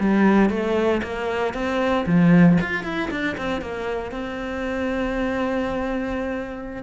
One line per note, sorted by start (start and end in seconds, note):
0.00 0.50 G3
0.50 1.02 A3
1.03 1.54 A#3
1.54 2.05 C4
2.06 2.58 F3
2.61 2.84 F4
2.84 3.10 E4
3.11 3.36 D4
3.38 3.61 C4
3.61 4.11 A#3
4.11 6.83 C4